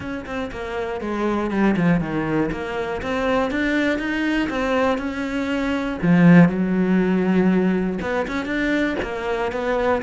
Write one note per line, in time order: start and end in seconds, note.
0.00 0.25 C#4
0.25 0.50 C4
0.51 1.00 A#3
1.00 1.50 G#3
1.50 1.75 G3
1.76 2.00 F3
2.00 2.50 D#3
2.51 3.01 A#3
3.02 3.50 C4
3.50 3.98 D4
3.98 4.48 D#4
4.49 4.97 C4
4.97 5.97 C#4
6.02 6.48 F3
6.48 7.98 F#3
8.01 8.26 B3
8.27 8.45 C#4
8.45 8.95 D4
9.02 9.51 A#3
9.51 10.01 B3